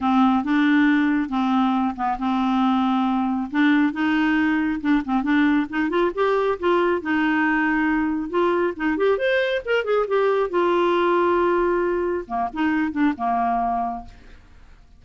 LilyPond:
\new Staff \with { instrumentName = "clarinet" } { \time 4/4 \tempo 4 = 137 c'4 d'2 c'4~ | c'8 b8 c'2. | d'4 dis'2 d'8 c'8 | d'4 dis'8 f'8 g'4 f'4 |
dis'2. f'4 | dis'8 g'8 c''4 ais'8 gis'8 g'4 | f'1 | ais8 dis'4 d'8 ais2 | }